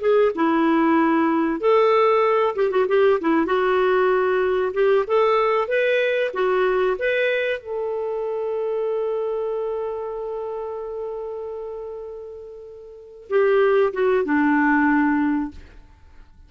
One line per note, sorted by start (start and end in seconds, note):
0.00 0.32 G#4
0.35 1.60 E4
1.60 2.55 A4
2.55 2.70 G4
2.70 2.86 F#4
2.88 3.19 G4
3.21 3.46 E4
3.46 4.72 F#4
4.73 5.05 G4
5.07 5.68 A4
5.68 6.31 B4
6.33 6.96 F#4
6.98 7.59 B4
7.59 13.28 A4
13.29 13.93 G4
13.93 14.24 F#4
14.24 15.51 D4